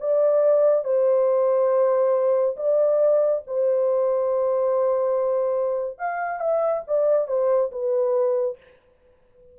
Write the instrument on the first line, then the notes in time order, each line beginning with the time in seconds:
horn
0.00 D5
0.85 C5
2.56 D5
3.47 C5
5.98 F5
6.40 E5
6.87 D5
7.28 C5
7.71 B4